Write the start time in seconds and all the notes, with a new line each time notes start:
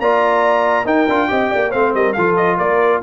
0.00 A#3 F4 D5 A#5
0.86 D#4 A#4 G5
1.09 D4 F4
1.29 C4 G4 D#5
1.51 A#3 D5
1.71 A3 C4 C5 F5
1.94 G3 A#4 D#5
2.13 F3 F4 A4 F5
2.37 D#5
2.57 A#3 A#4 D5